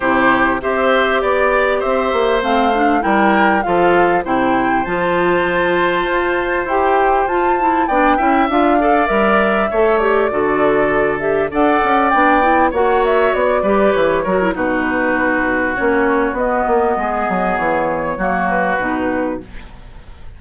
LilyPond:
<<
  \new Staff \with { instrumentName = "flute" } { \time 4/4 \tempo 4 = 99 c''4 e''4 d''4 e''4 | f''4 g''4 f''4 g''4 | a''2. g''4 | a''4 g''4 f''4 e''4~ |
e''8 d''2 e''8 fis''4 | g''4 fis''8 e''8 d''4 cis''4 | b'2 cis''4 dis''4~ | dis''4 cis''4. b'4. | }
  \new Staff \with { instrumentName = "oboe" } { \time 4/4 g'4 c''4 d''4 c''4~ | c''4 ais'4 a'4 c''4~ | c''1~ | c''4 d''8 e''4 d''4. |
cis''4 a'2 d''4~ | d''4 cis''4. b'4 ais'8 | fis'1 | gis'2 fis'2 | }
  \new Staff \with { instrumentName = "clarinet" } { \time 4/4 e'4 g'2. | c'8 d'8 e'4 f'4 e'4 | f'2. g'4 | f'8 e'8 d'8 e'8 f'8 a'8 ais'4 |
a'8 g'8 fis'4. g'8 a'4 | d'8 e'8 fis'4. g'4 fis'16 e'16 | dis'2 cis'4 b4~ | b2 ais4 dis'4 | }
  \new Staff \with { instrumentName = "bassoon" } { \time 4/4 c4 c'4 b4 c'8 ais8 | a4 g4 f4 c4 | f2 f'4 e'4 | f'4 b8 cis'8 d'4 g4 |
a4 d2 d'8 cis'8 | b4 ais4 b8 g8 e8 fis8 | b,2 ais4 b8 ais8 | gis8 fis8 e4 fis4 b,4 | }
>>